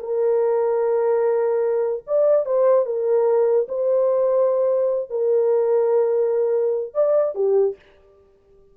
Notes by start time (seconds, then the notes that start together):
0.00 A#4
2.07 D5
2.46 C5
2.86 A#4
3.69 C5
5.11 A#4
6.94 D5
7.35 G4